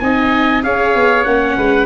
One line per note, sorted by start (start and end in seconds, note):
0.00 0.64 C4
0.00 0.63 D#4
0.00 0.64 D#5
0.00 0.62 G#5
0.63 0.95 C#4
0.63 1.25 G#4
0.63 1.57 C#5
0.63 1.24 F5
0.95 1.26 B3
1.24 1.57 A#3
1.24 1.86 C#4
1.24 1.86 F#5
1.57 1.86 G#3
1.57 1.86 B4